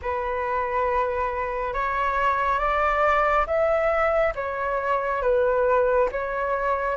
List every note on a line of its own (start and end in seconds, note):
0.02 1.73 B4
1.73 2.58 C#5
2.58 3.45 D5
3.46 4.33 E5
4.35 5.22 C#5
5.22 6.09 B4
6.11 6.96 C#5